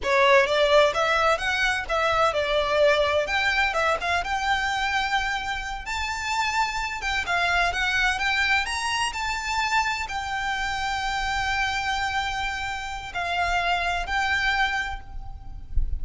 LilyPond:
\new Staff \with { instrumentName = "violin" } { \time 4/4 \tempo 4 = 128 cis''4 d''4 e''4 fis''4 | e''4 d''2 g''4 | e''8 f''8 g''2.~ | g''8 a''2~ a''8 g''8 f''8~ |
f''8 fis''4 g''4 ais''4 a''8~ | a''4. g''2~ g''8~ | g''1 | f''2 g''2 | }